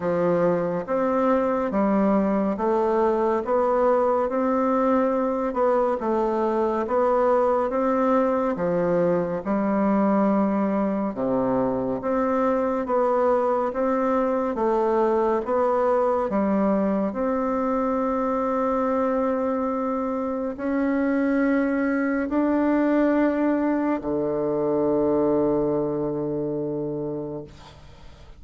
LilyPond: \new Staff \with { instrumentName = "bassoon" } { \time 4/4 \tempo 4 = 70 f4 c'4 g4 a4 | b4 c'4. b8 a4 | b4 c'4 f4 g4~ | g4 c4 c'4 b4 |
c'4 a4 b4 g4 | c'1 | cis'2 d'2 | d1 | }